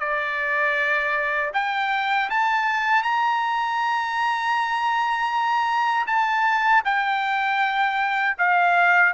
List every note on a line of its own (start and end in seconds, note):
0.00 1.52 D5
1.54 2.30 G5
2.30 3.03 A5
3.03 6.07 A#5
6.07 6.83 A5
6.85 8.37 G5
8.39 9.14 F5